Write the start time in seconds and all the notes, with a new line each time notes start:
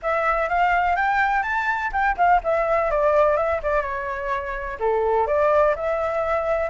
0.02 E5
0.48 F5
0.95 G5
1.43 A5
1.92 G5
2.17 F5
2.43 E5
2.90 D5
3.36 E5
3.62 D5
3.82 C#5
4.79 A4
5.26 D5
5.75 E5